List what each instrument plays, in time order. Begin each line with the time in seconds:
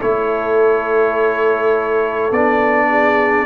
0.00 tuba A3, trombone E4, horn A4, trumpet C#5
2.31 tuba B3, trombone D4, trumpet D5
2.89 horn G#4